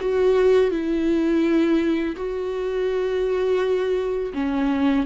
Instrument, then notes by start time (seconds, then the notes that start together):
viola
0.00 F#4
0.71 E4
2.16 F#4
4.34 C#4